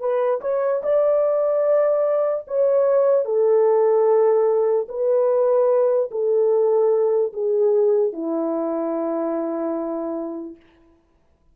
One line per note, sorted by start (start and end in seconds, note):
0.00 0.41 B4
0.41 0.82 C#5
0.83 2.45 D5
2.47 3.25 C#5
3.25 4.87 A4
4.89 6.11 B4
6.11 7.33 A4
7.33 8.13 G#4
8.13 10.56 E4